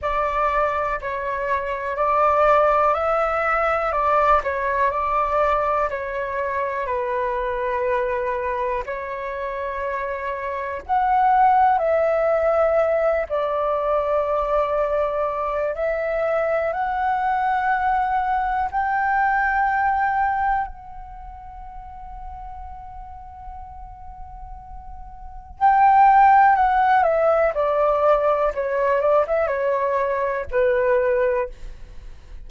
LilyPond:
\new Staff \with { instrumentName = "flute" } { \time 4/4 \tempo 4 = 61 d''4 cis''4 d''4 e''4 | d''8 cis''8 d''4 cis''4 b'4~ | b'4 cis''2 fis''4 | e''4. d''2~ d''8 |
e''4 fis''2 g''4~ | g''4 fis''2.~ | fis''2 g''4 fis''8 e''8 | d''4 cis''8 d''16 e''16 cis''4 b'4 | }